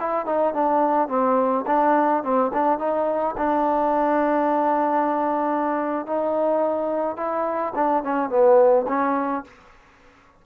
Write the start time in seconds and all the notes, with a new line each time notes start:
0.00 E4
0.26 D#4
0.54 D4
1.08 C4
1.67 D4
2.23 C4
2.53 D4
2.79 D#4
3.37 D4
6.06 D#4
7.17 E4
7.75 D4
8.03 C#4
8.30 B3
8.88 C#4